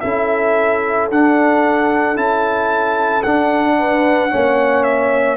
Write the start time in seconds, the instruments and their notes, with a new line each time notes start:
0.00 tuba C#4, trombone E4, horn A4, trumpet E5
1.10 tuba D4, trombone D4, trumpet F#5
2.15 tuba C#4, trombone E4, trumpet A5
3.23 tuba D4, trombone D4, trumpet F#5
3.78 horn B4
4.29 tuba A#3, trombone C#4, horn C#5
4.83 trumpet E5